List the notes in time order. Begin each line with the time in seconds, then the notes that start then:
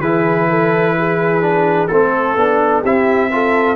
0.00 E3 E4 G#4 B4
0.50 A4
0.98 G#4
1.41 D4
1.88 A3 C4 A4
2.36 B3 D4
2.81 C4 E4 G4 E5
3.31 F4 A4